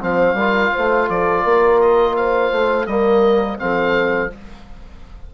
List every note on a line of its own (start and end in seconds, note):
0.00 0.33 F3
0.00 0.36 C4
0.00 0.37 C5
0.00 1.09 F5
0.33 0.69 G3
0.33 2.88 F4
0.33 0.72 A#4
0.72 1.08 A3
0.72 1.08 C5
1.08 1.44 F3
1.08 1.43 A4
1.08 1.80 D5
1.43 2.51 A#3
1.43 2.14 A#4
1.80 2.16 D#5
2.16 2.88 C5
2.16 2.86 F5
2.51 2.86 A3
2.86 3.57 G3
2.86 3.58 A#3
2.86 3.60 A#4
2.86 3.57 D#5
3.58 4.34 F3
3.58 4.29 C4
3.58 4.33 A4
3.58 4.30 F5